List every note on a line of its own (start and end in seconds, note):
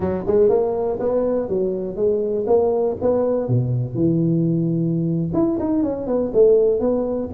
0.00 0.24 F#3
0.26 0.49 G#3
0.49 0.98 A#3
0.99 1.48 B3
1.48 1.96 F#3
1.96 2.45 G#3
2.47 2.96 A#3
3.01 3.48 B3
3.48 3.94 B2
3.94 5.31 E3
5.33 5.58 E4
5.59 5.83 D#4
5.83 6.06 C#4
6.06 6.31 B3
6.33 6.80 A3
6.80 7.29 B3